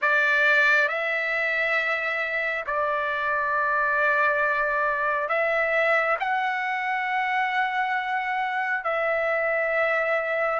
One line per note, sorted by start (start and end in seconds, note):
0.01 0.88 D5
0.88 2.64 E5
2.66 5.29 D5
5.29 6.17 E5
6.19 8.84 F#5
8.84 10.59 E5